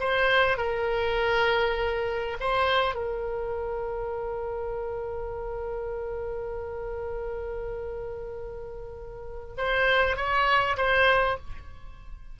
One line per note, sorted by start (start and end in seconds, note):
0.00 0.58 C5
0.58 2.38 A#4
2.41 2.95 C5
2.95 9.55 A#4
9.58 10.17 C5
10.17 10.77 C#5
10.78 11.38 C5